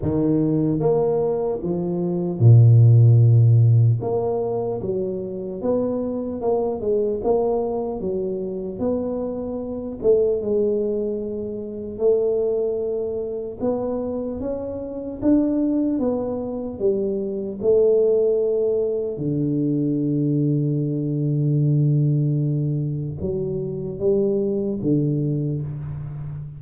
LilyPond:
\new Staff \with { instrumentName = "tuba" } { \time 4/4 \tempo 4 = 75 dis4 ais4 f4 ais,4~ | ais,4 ais4 fis4 b4 | ais8 gis8 ais4 fis4 b4~ | b8 a8 gis2 a4~ |
a4 b4 cis'4 d'4 | b4 g4 a2 | d1~ | d4 fis4 g4 d4 | }